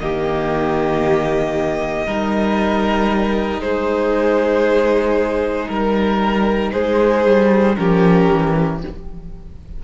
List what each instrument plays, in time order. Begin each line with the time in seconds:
0.00 cello D#3, viola A#3, violin G4 D#5
2.06 cello G3, viola D#4, violin A#4
3.61 cello G#3, violin G#4 C5
5.68 cello G3, violin A#4
6.72 cello G#3, violin G#4 C5
7.26 cello G3
7.76 cello F3, viola C#4, violin G4 A#4
8.32 cello E3